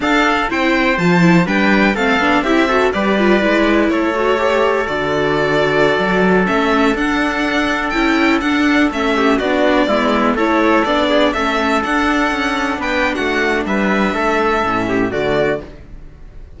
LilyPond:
<<
  \new Staff \with { instrumentName = "violin" } { \time 4/4 \tempo 4 = 123 f''4 g''4 a''4 g''4 | f''4 e''4 d''2 | cis''2 d''2~ | d''4~ d''16 e''4 fis''4.~ fis''16~ |
fis''16 g''4 fis''4 e''4 d''8.~ | d''4~ d''16 cis''4 d''4 e''8.~ | e''16 fis''2 g''8. fis''4 | e''2. d''4 | }
  \new Staff \with { instrumentName = "trumpet" } { \time 4/4 a'4 c''2 b'4 | a'4 g'8 a'8 b'2 | a'1~ | a'1~ |
a'2~ a'8. g'8 fis'8.~ | fis'16 e'4 a'4. gis'8 a'8.~ | a'2~ a'16 b'8. fis'4 | b'4 a'4. g'8 fis'4 | }
  \new Staff \with { instrumentName = "viola" } { \time 4/4 d'4 e'4 f'8 e'8 d'4 | c'8 d'8 e'8 fis'8 g'8 f'8 e'4~ | e'8 fis'8 g'4 fis'2~ | fis'4~ fis'16 cis'4 d'4.~ d'16~ |
d'16 e'4 d'4 cis'4 d'8.~ | d'16 b4 e'4 d'4 cis'8.~ | cis'16 d'2.~ d'8.~ | d'2 cis'4 a4 | }
  \new Staff \with { instrumentName = "cello" } { \time 4/4 d'4 c'4 f4 g4 | a8 b8 c'4 g4 gis4 | a2 d2~ | d16 fis4 a4 d'4.~ d'16~ |
d'16 cis'4 d'4 a4 b8.~ | b16 gis4 a4 b4 a8.~ | a16 d'4 cis'4 b8. a4 | g4 a4 a,4 d4 | }
>>